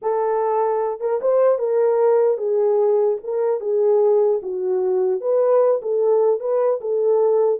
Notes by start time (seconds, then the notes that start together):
0.01 A4
1.00 A#4
1.21 C5
1.59 A#4
2.37 G#4
3.23 A#4
3.60 G#4
4.42 F#4
5.20 B4
5.82 A4
6.39 B4
6.81 A4